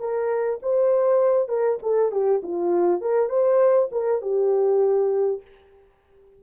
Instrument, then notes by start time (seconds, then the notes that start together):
horn
0.00 A#4
0.63 C5
1.48 A#4
1.83 A4
2.12 G4
2.43 F4
3.01 A#4
3.29 C5
3.92 A#4
4.22 G4